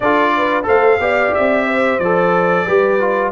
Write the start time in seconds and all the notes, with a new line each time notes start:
0.00 D4 F4 A4 D5
0.36 B4
0.63 A3 A4 C5 F5
0.99 B3 G4 D5
1.34 C4 E5
1.66 C5
1.99 F3 A4 D5
2.65 G3 G4 B4
3.00 F4